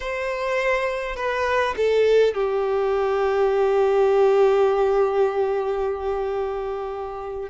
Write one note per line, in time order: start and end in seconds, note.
0.00 1.16 C5
1.16 1.74 B4
1.76 2.34 A4
2.34 7.49 G4